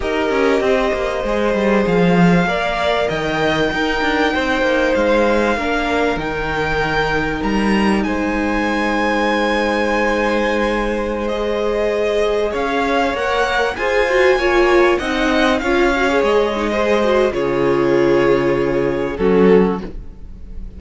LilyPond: <<
  \new Staff \with { instrumentName = "violin" } { \time 4/4 \tempo 4 = 97 dis''2. f''4~ | f''4 g''2. | f''2 g''2 | ais''4 gis''2.~ |
gis''2~ gis''16 dis''4.~ dis''16~ | dis''16 f''4 fis''4 gis''4.~ gis''16~ | gis''16 fis''4 f''4 dis''4.~ dis''16 | cis''2. a'4 | }
  \new Staff \with { instrumentName = "violin" } { \time 4/4 ais'4 c''2. | d''4 dis''4 ais'4 c''4~ | c''4 ais'2.~ | ais'4 c''2.~ |
c''1~ | c''16 cis''2 c''4 cis''8.~ | cis''16 dis''4 cis''4.~ cis''16 c''4 | gis'2. fis'4 | }
  \new Staff \with { instrumentName = "viola" } { \time 4/4 g'2 gis'2 | ais'2 dis'2~ | dis'4 d'4 dis'2~ | dis'1~ |
dis'2~ dis'16 gis'4.~ gis'16~ | gis'4~ gis'16 ais'4 gis'8 fis'8 f'8.~ | f'16 dis'4 f'8 fis'16 gis'8. dis'16 gis'8 fis'8 | f'2. cis'4 | }
  \new Staff \with { instrumentName = "cello" } { \time 4/4 dis'8 cis'8 c'8 ais8 gis8 g8 f4 | ais4 dis4 dis'8 d'8 c'8 ais8 | gis4 ais4 dis2 | g4 gis2.~ |
gis1~ | gis16 cis'4 ais4 f'4 ais8.~ | ais16 c'4 cis'4 gis4.~ gis16 | cis2. fis4 | }
>>